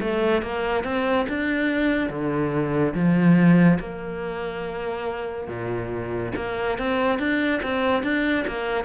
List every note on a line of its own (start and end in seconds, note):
0.00 0.42 A3
0.42 0.84 A#3
0.84 1.26 C4
1.28 2.09 D4
2.09 2.93 D3
2.94 3.78 F3
3.79 5.47 A#3
5.47 6.32 A#2
6.36 6.78 A#3
6.78 7.19 C4
7.19 7.61 D4
7.62 8.03 C4
8.03 8.45 D4
8.47 8.84 A#3